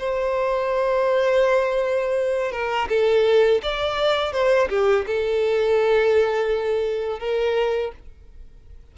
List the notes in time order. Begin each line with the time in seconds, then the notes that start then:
0.00 C5
2.52 A#4
2.89 A4
3.63 D5
4.33 C5
4.70 G4
5.07 A4
7.20 A#4